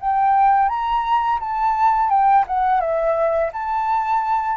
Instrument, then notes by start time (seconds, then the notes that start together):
flute
0.00 G5
0.69 A#5
1.40 A5
2.10 G5
2.47 F#5
2.80 E5
3.53 A5